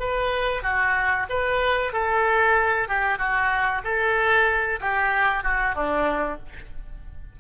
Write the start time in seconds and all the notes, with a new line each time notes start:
0.00 B4
0.63 F#4
1.30 B4
1.93 A4
2.89 G4
3.18 F#4
3.84 A4
4.81 G4
5.44 F#4
5.75 D4